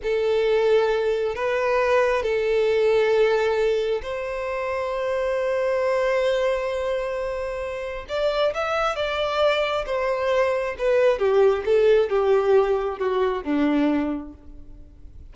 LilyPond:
\new Staff \with { instrumentName = "violin" } { \time 4/4 \tempo 4 = 134 a'2. b'4~ | b'4 a'2.~ | a'4 c''2.~ | c''1~ |
c''2 d''4 e''4 | d''2 c''2 | b'4 g'4 a'4 g'4~ | g'4 fis'4 d'2 | }